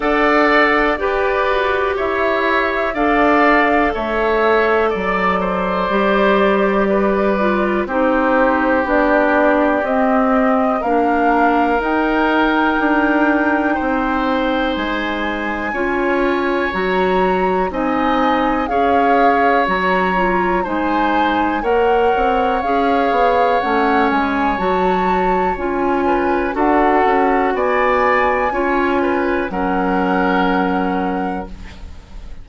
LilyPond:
<<
  \new Staff \with { instrumentName = "flute" } { \time 4/4 \tempo 4 = 61 fis''4 d''4 e''4 f''4 | e''4 d''2. | c''4 d''4 dis''4 f''4 | g''2. gis''4~ |
gis''4 ais''4 gis''4 f''4 | ais''4 gis''4 fis''4 f''4 | fis''8 gis''8 a''4 gis''4 fis''4 | gis''2 fis''2 | }
  \new Staff \with { instrumentName = "oboe" } { \time 4/4 d''4 b'4 cis''4 d''4 | cis''4 d''8 c''4. b'4 | g'2. ais'4~ | ais'2 c''2 |
cis''2 dis''4 cis''4~ | cis''4 c''4 cis''2~ | cis''2~ cis''8 b'8 a'4 | d''4 cis''8 b'8 ais'2 | }
  \new Staff \with { instrumentName = "clarinet" } { \time 4/4 a'4 g'2 a'4~ | a'2 g'4. f'8 | dis'4 d'4 c'4 d'4 | dis'1 |
f'4 fis'4 dis'4 gis'4 | fis'8 f'8 dis'4 ais'4 gis'4 | cis'4 fis'4 f'4 fis'4~ | fis'4 f'4 cis'2 | }
  \new Staff \with { instrumentName = "bassoon" } { \time 4/4 d'4 g'8 fis'8 e'4 d'4 | a4 fis4 g2 | c'4 b4 c'4 ais4 | dis'4 d'4 c'4 gis4 |
cis'4 fis4 c'4 cis'4 | fis4 gis4 ais8 c'8 cis'8 b8 | a8 gis8 fis4 cis'4 d'8 cis'8 | b4 cis'4 fis2 | }
>>